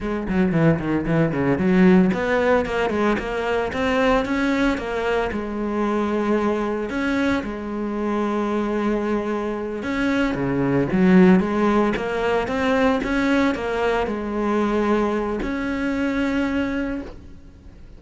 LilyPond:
\new Staff \with { instrumentName = "cello" } { \time 4/4 \tempo 4 = 113 gis8 fis8 e8 dis8 e8 cis8 fis4 | b4 ais8 gis8 ais4 c'4 | cis'4 ais4 gis2~ | gis4 cis'4 gis2~ |
gis2~ gis8 cis'4 cis8~ | cis8 fis4 gis4 ais4 c'8~ | c'8 cis'4 ais4 gis4.~ | gis4 cis'2. | }